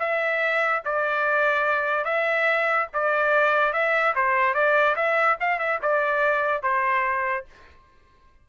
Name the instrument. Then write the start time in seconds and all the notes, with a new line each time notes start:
trumpet
0.00 E5
0.86 D5
2.05 E5
2.94 D5
3.73 E5
4.16 C5
4.54 D5
4.96 E5
5.40 F5
5.59 E5
5.83 D5
6.63 C5